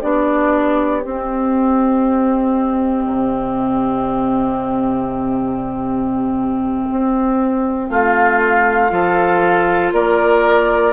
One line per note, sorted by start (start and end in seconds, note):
0.00 1.05 B3
0.00 1.02 D4
0.00 7.88 G4
0.00 1.03 D5
1.03 3.06 C4
1.03 8.90 C4
1.03 7.89 D#5
3.06 6.87 C3
6.91 7.90 C4
7.89 8.92 A3
7.89 8.92 F4
7.89 9.92 F5
8.90 9.93 F3
8.90 10.93 F4
8.90 9.94 A4
9.93 10.93 A#3
9.93 10.93 A#4
9.93 10.93 D5